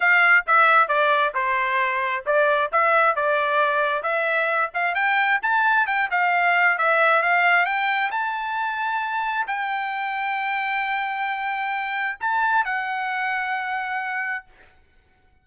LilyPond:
\new Staff \with { instrumentName = "trumpet" } { \time 4/4 \tempo 4 = 133 f''4 e''4 d''4 c''4~ | c''4 d''4 e''4 d''4~ | d''4 e''4. f''8 g''4 | a''4 g''8 f''4. e''4 |
f''4 g''4 a''2~ | a''4 g''2.~ | g''2. a''4 | fis''1 | }